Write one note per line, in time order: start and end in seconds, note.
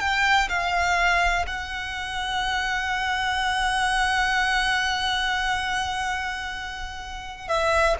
0.00 0.48 G5
0.49 1.46 F5
1.47 7.48 F#5
7.48 7.97 E5